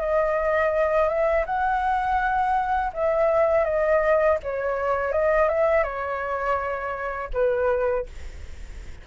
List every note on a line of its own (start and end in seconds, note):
0.00 1.08 D#5
1.08 1.45 E5
1.46 2.92 F#5
2.93 3.64 E5
3.64 4.37 D#5
4.42 5.12 C#5
5.12 5.48 D#5
5.48 5.83 E5
5.83 7.29 C#5
7.33 8.06 B4